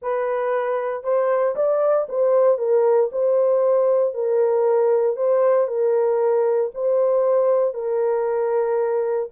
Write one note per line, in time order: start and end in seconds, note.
0.01 1.03 B4
1.03 1.55 C5
1.55 2.07 D5
2.08 2.58 C5
2.58 3.09 A#4
3.12 4.14 C5
4.14 5.16 A#4
5.16 5.67 C5
5.67 6.71 A#4
6.74 7.74 C5
7.74 9.29 A#4